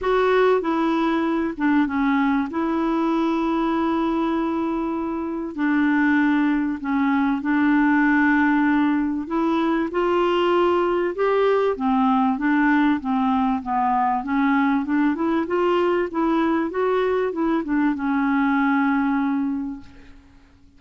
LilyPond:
\new Staff \with { instrumentName = "clarinet" } { \time 4/4 \tempo 4 = 97 fis'4 e'4. d'8 cis'4 | e'1~ | e'4 d'2 cis'4 | d'2. e'4 |
f'2 g'4 c'4 | d'4 c'4 b4 cis'4 | d'8 e'8 f'4 e'4 fis'4 | e'8 d'8 cis'2. | }